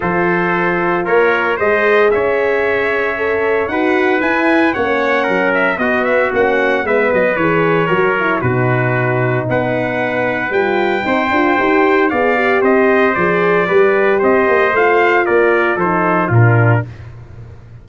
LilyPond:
<<
  \new Staff \with { instrumentName = "trumpet" } { \time 4/4 \tempo 4 = 114 c''2 cis''4 dis''4 | e''2. fis''4 | gis''4 fis''4. e''8 dis''8 e''8 | fis''4 e''8 dis''8 cis''2 |
b'2 fis''2 | g''2. f''4 | dis''4 d''2 dis''4 | f''4 d''4 c''4 ais'4 | }
  \new Staff \with { instrumentName = "trumpet" } { \time 4/4 a'2 ais'4 c''4 | cis''2. b'4~ | b'4 cis''4 ais'4 fis'4~ | fis'4 b'2 ais'4 |
fis'2 b'2~ | b'4 c''2 d''4 | c''2 b'4 c''4~ | c''4 ais'4 a'4 f'4 | }
  \new Staff \with { instrumentName = "horn" } { \time 4/4 f'2. gis'4~ | gis'2 a'4 fis'4 | e'4 cis'2 b4 | cis'4 b4 gis'4 fis'8 e'8 |
dis'1 | f'4 dis'8 f'8 g'4 gis'8 g'8~ | g'4 gis'4 g'2 | f'2 dis'4 d'4 | }
  \new Staff \with { instrumentName = "tuba" } { \time 4/4 f2 ais4 gis4 | cis'2. dis'4 | e'4 ais4 fis4 b4 | ais4 gis8 fis8 e4 fis4 |
b,2 b2 | g4 c'8 d'8 dis'4 b4 | c'4 f4 g4 c'8 ais8 | a4 ais4 f4 ais,4 | }
>>